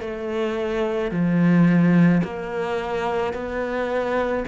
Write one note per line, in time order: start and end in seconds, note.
0.00 1.11 A3
1.11 2.22 F3
2.23 3.33 A#3
3.33 4.44 B3